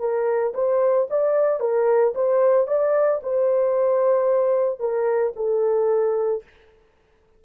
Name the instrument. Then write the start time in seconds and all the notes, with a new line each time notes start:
horn
0.00 A#4
0.55 C5
1.11 D5
1.60 A#4
2.15 C5
2.68 D5
3.23 C5
4.80 A#4
5.36 A4